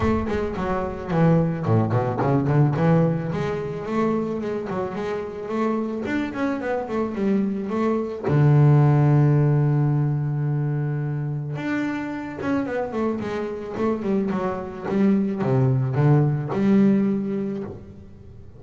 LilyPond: \new Staff \with { instrumentName = "double bass" } { \time 4/4 \tempo 4 = 109 a8 gis8 fis4 e4 a,8 b,8 | cis8 d8 e4 gis4 a4 | gis8 fis8 gis4 a4 d'8 cis'8 | b8 a8 g4 a4 d4~ |
d1~ | d4 d'4. cis'8 b8 a8 | gis4 a8 g8 fis4 g4 | c4 d4 g2 | }